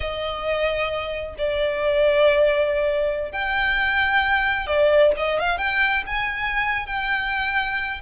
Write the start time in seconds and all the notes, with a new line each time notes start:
0.00 D#5
1.38 D5
3.32 G5
4.66 D5
5.17 D#5
5.39 F5
5.58 G5
6.06 G#5
6.86 G5